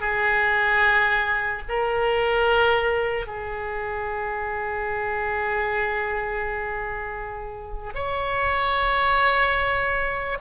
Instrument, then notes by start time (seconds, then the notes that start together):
oboe
0.00 G#4
1.68 A#4
3.27 G#4
7.95 C#5